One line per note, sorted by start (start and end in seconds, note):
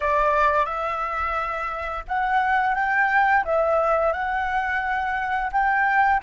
0.00 0.66 D5
0.66 2.03 E5
2.08 2.75 F#5
2.75 3.44 G5
3.45 4.13 E5
4.13 5.50 F#5
5.52 6.21 G5